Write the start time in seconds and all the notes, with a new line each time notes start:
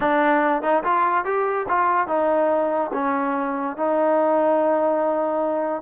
0.00 D4
0.62 D#4
0.84 F4
1.24 G4
1.68 F4
2.07 D#4
2.93 C#4
3.76 D#4